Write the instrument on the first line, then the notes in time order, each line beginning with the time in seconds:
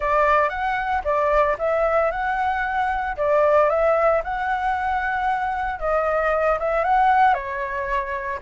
flute
0.00 D5
0.49 F#5
1.04 D5
1.58 E5
2.11 F#5
3.17 D5
3.69 E5
4.24 F#5
5.79 D#5
6.59 E5
6.84 F#5
7.33 C#5